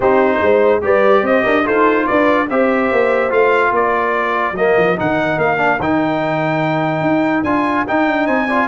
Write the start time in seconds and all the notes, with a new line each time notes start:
0.00 C4 D#4 G4 C5
0.41 G#3 C5
0.81 G3 G4 B4 D5
1.22 C4 C5 D#5
1.43 D4 A#4
1.64 D#4 F4 A4 C5
2.06 D4 B4 D5
2.49 C4 G4 C5 E5
2.91 A#3
3.29 A3 F4 F5
3.71 A#3 A#4 D5
4.51 F#3 A#3 D#5
4.77 F3
4.96 D#3 D#4 F#5
5.37 A#3 F5
5.57 D4
5.79 D#3 D#4 G5
7.01 D#4
7.43 D4 F4 G#5
7.87 D#4 G5
8.07 D4
8.26 C4 C5 G#5
8.47 F4 D5